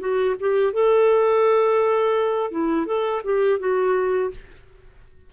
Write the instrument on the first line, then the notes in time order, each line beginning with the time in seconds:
clarinet
0.00 F#4
0.40 G4
0.73 A4
2.51 E4
2.86 A4
3.24 G4
3.59 F#4